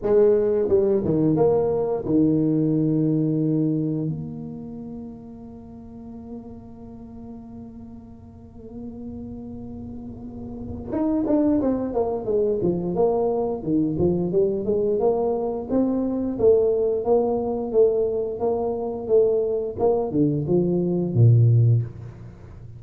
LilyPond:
\new Staff \with { instrumentName = "tuba" } { \time 4/4 \tempo 4 = 88 gis4 g8 dis8 ais4 dis4~ | dis2 ais2~ | ais1~ | ais1 |
dis'8 d'8 c'8 ais8 gis8 f8 ais4 | dis8 f8 g8 gis8 ais4 c'4 | a4 ais4 a4 ais4 | a4 ais8 d8 f4 ais,4 | }